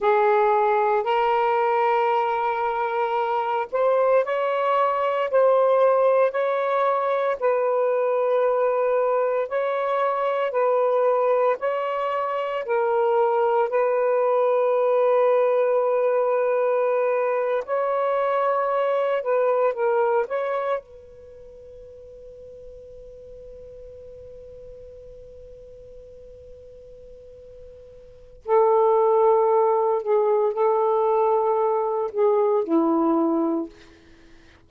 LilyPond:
\new Staff \with { instrumentName = "saxophone" } { \time 4/4 \tempo 4 = 57 gis'4 ais'2~ ais'8 c''8 | cis''4 c''4 cis''4 b'4~ | b'4 cis''4 b'4 cis''4 | ais'4 b'2.~ |
b'8. cis''4. b'8 ais'8 cis''8 b'16~ | b'1~ | b'2. a'4~ | a'8 gis'8 a'4. gis'8 e'4 | }